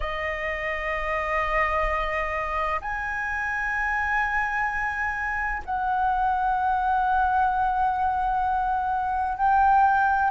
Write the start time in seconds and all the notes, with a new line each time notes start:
0.00 D#5
2.81 G#5
5.65 F#5
9.37 G5